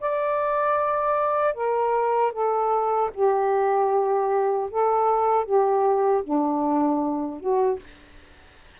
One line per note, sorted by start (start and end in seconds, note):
0.00 1.54 D5
1.54 2.32 A#4
2.32 3.10 A4
3.14 4.70 G4
4.70 5.45 A4
5.45 6.23 G4
6.23 7.40 D4
7.40 7.79 F#4